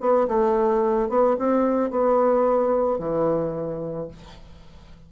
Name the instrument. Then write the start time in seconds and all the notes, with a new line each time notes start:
bassoon
0.00 B3
0.28 A3
1.09 B3
1.39 C4
1.90 B3
2.98 E3